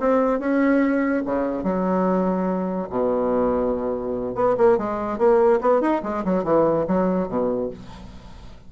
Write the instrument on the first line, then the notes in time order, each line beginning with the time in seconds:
bassoon
0.00 C4
0.39 C#4
1.25 C#3
1.63 F#3
2.90 B2
4.35 B3
4.57 A#3
4.78 G#3
5.18 A#3
5.61 B3
5.81 D#4
6.03 G#3
6.24 F#3
6.44 E3
6.87 F#3
7.28 B2